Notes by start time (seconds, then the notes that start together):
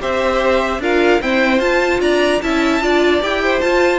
0.00 C4 G4 C5 E5
0.79 D4 F4 A#4 F5
1.21 C4 E4 C5 G5
1.58 F4 A5
2.00 D4 D5 A#5
2.41 C#4 E4 E5 A5
2.81 D4 F4 D5
3.21 E4 G4 G5
3.43 C5
3.60 F4 A5